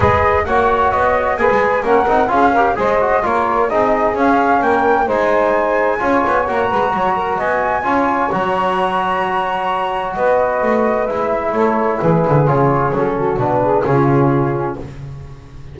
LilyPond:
<<
  \new Staff \with { instrumentName = "flute" } { \time 4/4 \tempo 4 = 130 dis''4 fis''4 dis''4 gis''4 | fis''4 f''4 dis''4 cis''4 | dis''4 f''4 g''4 gis''4~ | gis''2 ais''2 |
gis''2 ais''2~ | ais''2 dis''2 | e''4 cis''4 b'4 cis''4 | a'4 b'4 gis'2 | }
  \new Staff \with { instrumentName = "saxophone" } { \time 4/4 b'4 cis''2 b'4 | ais'4 gis'8 ais'8 c''4 ais'4 | gis'2 ais'4 c''4~ | c''4 cis''4. b'8 cis''8 ais'8 |
dis''4 cis''2.~ | cis''2 b'2~ | b'4 a'4 gis'2~ | gis'8 fis'4 gis'8 f'2 | }
  \new Staff \with { instrumentName = "trombone" } { \time 4/4 gis'4 fis'2 gis'4 | cis'8 dis'8 f'8 g'8 gis'8 fis'8 f'4 | dis'4 cis'2 dis'4~ | dis'4 f'4 fis'2~ |
fis'4 f'4 fis'2~ | fis'1 | e'2. f'4 | cis'4 d'4 cis'2 | }
  \new Staff \with { instrumentName = "double bass" } { \time 4/4 gis4 ais4 b4 ais16 gis8. | ais8 c'8 cis'4 gis4 ais4 | c'4 cis'4 ais4 gis4~ | gis4 cis'8 b8 ais8 gis8 fis4 |
b4 cis'4 fis2~ | fis2 b4 a4 | gis4 a4 e8 d8 cis4 | fis4 b,4 cis2 | }
>>